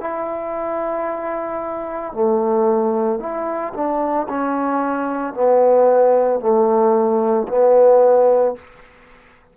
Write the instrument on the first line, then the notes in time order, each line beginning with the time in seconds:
trombone
0.00 E4
2.13 A3
3.19 E4
3.74 D4
4.28 C#4
5.34 B3
6.39 A3
7.48 B3